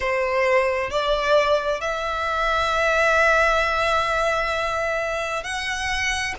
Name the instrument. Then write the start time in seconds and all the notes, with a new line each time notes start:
violin
0.00 C5
0.90 D5
1.80 E5
5.43 F#5